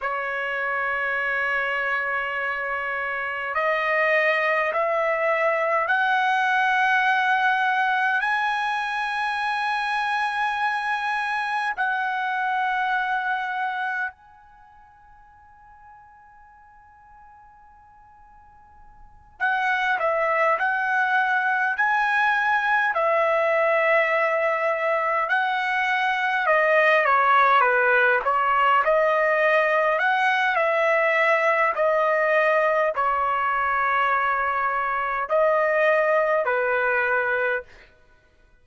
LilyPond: \new Staff \with { instrumentName = "trumpet" } { \time 4/4 \tempo 4 = 51 cis''2. dis''4 | e''4 fis''2 gis''4~ | gis''2 fis''2 | gis''1~ |
gis''8 fis''8 e''8 fis''4 gis''4 e''8~ | e''4. fis''4 dis''8 cis''8 b'8 | cis''8 dis''4 fis''8 e''4 dis''4 | cis''2 dis''4 b'4 | }